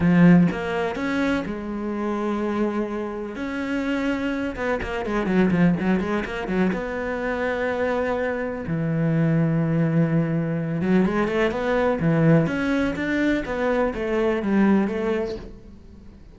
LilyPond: \new Staff \with { instrumentName = "cello" } { \time 4/4 \tempo 4 = 125 f4 ais4 cis'4 gis4~ | gis2. cis'4~ | cis'4. b8 ais8 gis8 fis8 f8 | fis8 gis8 ais8 fis8 b2~ |
b2 e2~ | e2~ e8 fis8 gis8 a8 | b4 e4 cis'4 d'4 | b4 a4 g4 a4 | }